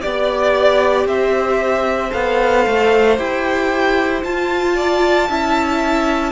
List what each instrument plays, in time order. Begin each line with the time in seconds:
0.00 cello B3, viola G4, violin D5
1.04 cello C4, violin C5 E5
2.10 cello B3, viola A4, violin F5
2.67 cello A3
3.17 cello E4, viola G4, violin G5
4.22 viola F4, cello F4, violin A5
4.75 violin D5
5.29 cello C#4, viola E4, violin E5